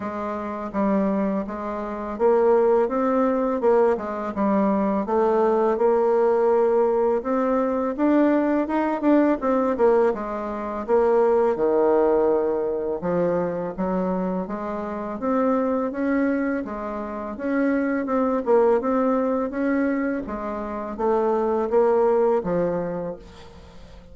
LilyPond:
\new Staff \with { instrumentName = "bassoon" } { \time 4/4 \tempo 4 = 83 gis4 g4 gis4 ais4 | c'4 ais8 gis8 g4 a4 | ais2 c'4 d'4 | dis'8 d'8 c'8 ais8 gis4 ais4 |
dis2 f4 fis4 | gis4 c'4 cis'4 gis4 | cis'4 c'8 ais8 c'4 cis'4 | gis4 a4 ais4 f4 | }